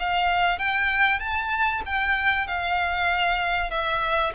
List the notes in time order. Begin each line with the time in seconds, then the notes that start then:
0.00 F5
0.59 G5
1.20 A5
1.86 G5
2.48 F5
3.71 E5